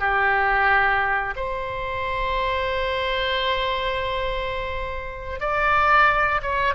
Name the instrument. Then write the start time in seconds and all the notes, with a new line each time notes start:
oboe
0.00 G4
1.36 C5
5.41 D5
6.43 C#5